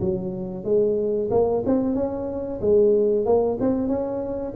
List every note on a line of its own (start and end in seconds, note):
0.00 0.64 F#3
0.64 1.29 G#3
1.30 1.63 A#3
1.65 1.94 C4
1.94 2.60 C#4
2.61 3.25 G#3
3.25 3.58 A#3
3.60 3.87 C4
3.87 4.53 C#4